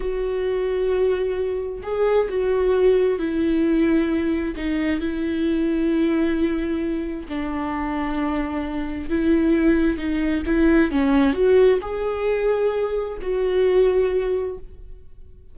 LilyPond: \new Staff \with { instrumentName = "viola" } { \time 4/4 \tempo 4 = 132 fis'1 | gis'4 fis'2 e'4~ | e'2 dis'4 e'4~ | e'1 |
d'1 | e'2 dis'4 e'4 | cis'4 fis'4 gis'2~ | gis'4 fis'2. | }